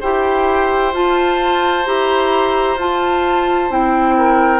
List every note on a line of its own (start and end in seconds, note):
0.00 0.93 E4
0.00 0.93 G4
0.00 4.15 C5
0.00 0.93 G5
0.93 1.85 F4
0.93 1.86 F4
0.93 1.86 A5
1.85 2.76 E4
1.85 2.77 G4
1.85 2.78 A#5
2.76 3.68 F4
2.76 3.70 F4
2.76 3.71 A5
3.69 4.60 C4
3.69 4.60 E4
3.69 4.60 G5
4.17 4.60 A#4